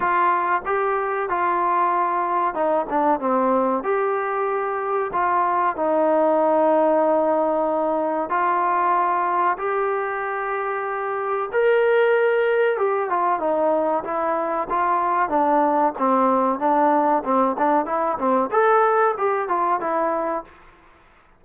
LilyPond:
\new Staff \with { instrumentName = "trombone" } { \time 4/4 \tempo 4 = 94 f'4 g'4 f'2 | dis'8 d'8 c'4 g'2 | f'4 dis'2.~ | dis'4 f'2 g'4~ |
g'2 ais'2 | g'8 f'8 dis'4 e'4 f'4 | d'4 c'4 d'4 c'8 d'8 | e'8 c'8 a'4 g'8 f'8 e'4 | }